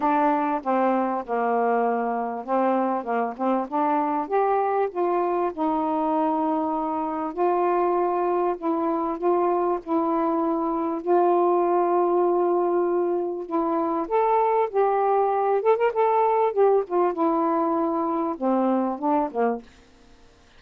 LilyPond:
\new Staff \with { instrumentName = "saxophone" } { \time 4/4 \tempo 4 = 98 d'4 c'4 ais2 | c'4 ais8 c'8 d'4 g'4 | f'4 dis'2. | f'2 e'4 f'4 |
e'2 f'2~ | f'2 e'4 a'4 | g'4. a'16 ais'16 a'4 g'8 f'8 | e'2 c'4 d'8 ais8 | }